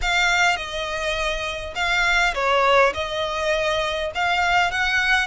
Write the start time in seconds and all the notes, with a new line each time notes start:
0.01 F5
0.56 D#5
1.75 F5
2.34 C#5
2.94 D#5
4.14 F5
4.71 F#5